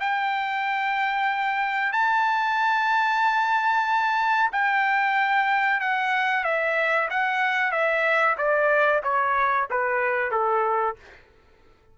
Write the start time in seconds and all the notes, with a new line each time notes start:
0.00 G5
1.92 A5
4.52 G5
5.81 F#5
6.44 E5
7.10 F#5
7.72 E5
8.38 D5
9.04 C#5
9.70 B4
10.31 A4